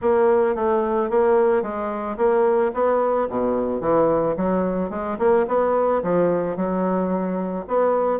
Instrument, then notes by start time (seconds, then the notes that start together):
bassoon
0.01 A#3
0.55 A3
1.10 A#3
1.62 G#3
2.17 A#3
2.73 B3
3.29 B2
3.80 E3
4.36 F#3
4.90 G#3
5.18 A#3
5.47 B3
6.02 F3
6.56 F#3
7.67 B3